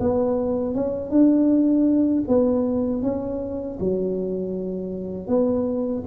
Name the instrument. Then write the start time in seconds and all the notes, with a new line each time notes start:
tuba
0.00 B3
0.75 C#4
1.10 D4
2.28 B3
3.02 C#4
3.80 F#3
5.28 B3